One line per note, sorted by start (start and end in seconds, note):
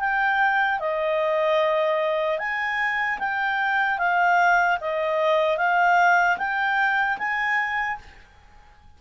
0.00 0.80 G5
0.80 2.39 D#5
2.39 3.19 G#5
3.19 3.99 G5
3.99 4.79 F5
4.81 5.57 D#5
5.57 6.37 F5
6.38 7.18 G5
7.19 7.99 G#5